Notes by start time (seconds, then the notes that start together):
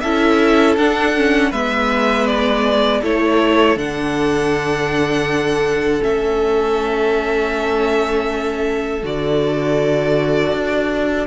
0.00 C#4 E4 A4 E5
0.76 D4 F#5
1.16 C#4
1.50 G#3 B3 B4 E5
2.26 D5
3.01 A3 E4 A4 C#5
3.76 D3 D4 F#5
6.00 A3 C#4 E5
9.03 D3 F#4 D5
10.52 D4